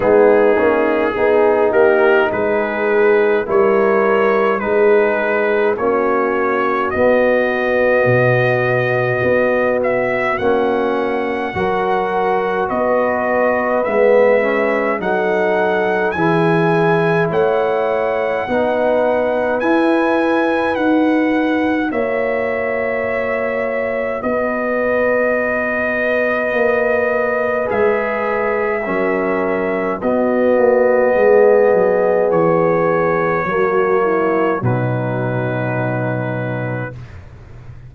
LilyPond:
<<
  \new Staff \with { instrumentName = "trumpet" } { \time 4/4 \tempo 4 = 52 gis'4. ais'8 b'4 cis''4 | b'4 cis''4 dis''2~ | dis''8 e''8 fis''2 dis''4 | e''4 fis''4 gis''4 fis''4~ |
fis''4 gis''4 fis''4 e''4~ | e''4 dis''2. | e''2 dis''2 | cis''2 b'2 | }
  \new Staff \with { instrumentName = "horn" } { \time 4/4 dis'4 gis'8 g'8 gis'4 ais'4 | gis'4 fis'2.~ | fis'2 ais'4 b'4~ | b'4 a'4 gis'4 cis''4 |
b'2. cis''4~ | cis''4 b'2.~ | b'4 ais'4 fis'4 gis'4~ | gis'4 fis'8 e'8 dis'2 | }
  \new Staff \with { instrumentName = "trombone" } { \time 4/4 b8 cis'8 dis'2 e'4 | dis'4 cis'4 b2~ | b4 cis'4 fis'2 | b8 cis'8 dis'4 e'2 |
dis'4 e'4 fis'2~ | fis'1 | gis'4 cis'4 b2~ | b4 ais4 fis2 | }
  \new Staff \with { instrumentName = "tuba" } { \time 4/4 gis8 ais8 b8 ais8 gis4 g4 | gis4 ais4 b4 b,4 | b4 ais4 fis4 b4 | gis4 fis4 e4 a4 |
b4 e'4 dis'4 ais4~ | ais4 b2 ais4 | gis4 fis4 b8 ais8 gis8 fis8 | e4 fis4 b,2 | }
>>